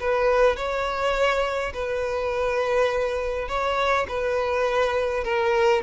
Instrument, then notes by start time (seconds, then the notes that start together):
violin
0.00 B4
0.56 C#5
1.74 B4
3.48 C#5
4.09 B4
5.24 A#4